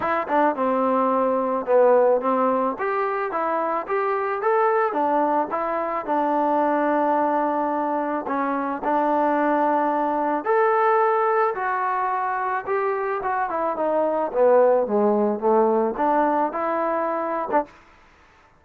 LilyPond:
\new Staff \with { instrumentName = "trombone" } { \time 4/4 \tempo 4 = 109 e'8 d'8 c'2 b4 | c'4 g'4 e'4 g'4 | a'4 d'4 e'4 d'4~ | d'2. cis'4 |
d'2. a'4~ | a'4 fis'2 g'4 | fis'8 e'8 dis'4 b4 gis4 | a4 d'4 e'4.~ e'16 d'16 | }